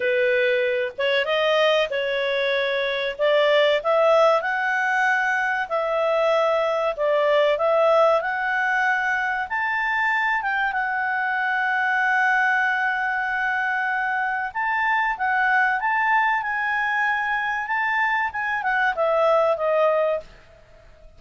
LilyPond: \new Staff \with { instrumentName = "clarinet" } { \time 4/4 \tempo 4 = 95 b'4. cis''8 dis''4 cis''4~ | cis''4 d''4 e''4 fis''4~ | fis''4 e''2 d''4 | e''4 fis''2 a''4~ |
a''8 g''8 fis''2.~ | fis''2. a''4 | fis''4 a''4 gis''2 | a''4 gis''8 fis''8 e''4 dis''4 | }